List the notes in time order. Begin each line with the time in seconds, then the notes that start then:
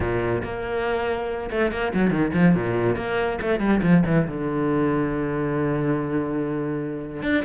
0.00 A#2
0.43 A#3
1.50 A3
1.71 A#3
1.94 F#3
2.10 D#3
2.33 F3
2.54 A#2
2.96 A#3
3.41 A3
3.59 G3
3.82 F3
4.06 E3
4.27 D3
7.22 D4